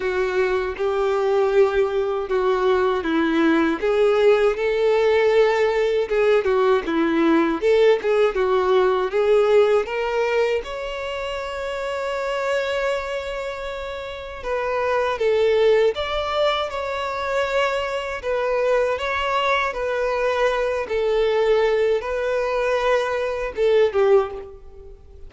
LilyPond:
\new Staff \with { instrumentName = "violin" } { \time 4/4 \tempo 4 = 79 fis'4 g'2 fis'4 | e'4 gis'4 a'2 | gis'8 fis'8 e'4 a'8 gis'8 fis'4 | gis'4 ais'4 cis''2~ |
cis''2. b'4 | a'4 d''4 cis''2 | b'4 cis''4 b'4. a'8~ | a'4 b'2 a'8 g'8 | }